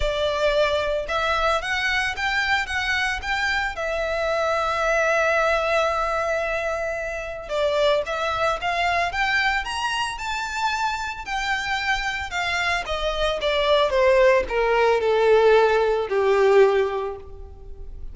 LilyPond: \new Staff \with { instrumentName = "violin" } { \time 4/4 \tempo 4 = 112 d''2 e''4 fis''4 | g''4 fis''4 g''4 e''4~ | e''1~ | e''2 d''4 e''4 |
f''4 g''4 ais''4 a''4~ | a''4 g''2 f''4 | dis''4 d''4 c''4 ais'4 | a'2 g'2 | }